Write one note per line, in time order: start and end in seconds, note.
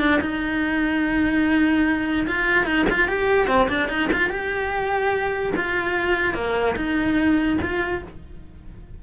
0.00 0.21 D4
0.21 2.27 D#4
2.28 2.66 F4
2.66 2.86 D#4
2.90 3.09 F4
3.09 3.48 G4
3.48 3.68 C4
3.69 3.89 D4
3.89 4.10 D#4
4.13 4.30 F4
4.30 5.53 G4
5.57 6.35 F4
6.35 6.76 A#3
6.76 7.59 D#4
7.62 8.03 F4